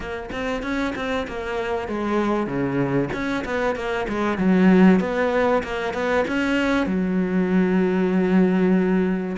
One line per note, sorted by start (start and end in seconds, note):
0.00 0.29 A#3
0.32 0.62 C4
0.62 0.93 C#4
0.95 1.27 C4
1.27 1.88 A#3
1.88 2.46 G#3
2.46 3.09 C#3
3.12 3.44 C#4
3.45 3.75 B3
3.75 4.06 A#3
4.08 4.38 G#3
4.38 5.00 F#3
5.00 5.62 B3
5.63 5.93 A#3
5.93 6.24 B3
6.27 6.86 C#4
6.86 9.36 F#3